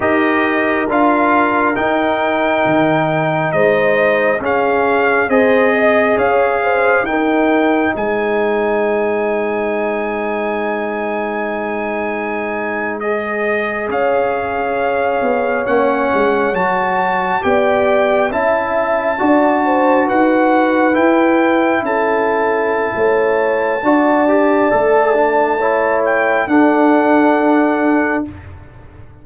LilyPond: <<
  \new Staff \with { instrumentName = "trumpet" } { \time 4/4 \tempo 4 = 68 dis''4 f''4 g''2 | dis''4 f''4 dis''4 f''4 | g''4 gis''2.~ | gis''2~ gis''8. dis''4 f''16~ |
f''4.~ f''16 fis''4 a''4 g''16~ | g''8. a''2 fis''4 g''16~ | g''8. a''2.~ a''16~ | a''4. g''8 fis''2 | }
  \new Staff \with { instrumentName = "horn" } { \time 4/4 ais'1 | c''4 gis'4 c''8 dis''8 cis''8 c''8 | ais'4 c''2.~ | c''2.~ c''8. cis''16~ |
cis''2.~ cis''8. d''16~ | d''8. e''4 d''8 c''8 b'4~ b'16~ | b'8. a'4~ a'16 cis''4 d''4~ | d''4 cis''4 a'2 | }
  \new Staff \with { instrumentName = "trombone" } { \time 4/4 g'4 f'4 dis'2~ | dis'4 cis'4 gis'2 | dis'1~ | dis'2~ dis'8. gis'4~ gis'16~ |
gis'4.~ gis'16 cis'4 fis'4 g'16~ | g'8. e'4 fis'2 e'16~ | e'2. fis'8 g'8 | a'8 d'8 e'4 d'2 | }
  \new Staff \with { instrumentName = "tuba" } { \time 4/4 dis'4 d'4 dis'4 dis4 | gis4 cis'4 c'4 cis'4 | dis'4 gis2.~ | gis2.~ gis8. cis'16~ |
cis'4~ cis'16 b8 ais8 gis8 fis4 b16~ | b8. cis'4 d'4 dis'4 e'16~ | e'8. cis'4~ cis'16 a4 d'4 | a2 d'2 | }
>>